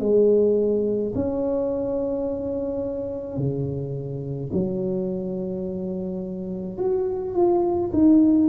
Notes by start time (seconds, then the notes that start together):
0.00 G#3
1.15 C#4
3.38 C#3
4.53 F#3
6.78 F#4
7.34 F4
7.93 D#4